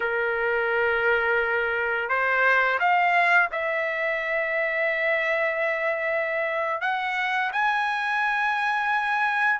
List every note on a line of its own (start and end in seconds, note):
0.00 2.09 A#4
2.09 2.78 C5
2.79 3.49 F5
3.51 6.81 E5
6.81 7.51 F#5
7.52 9.59 G#5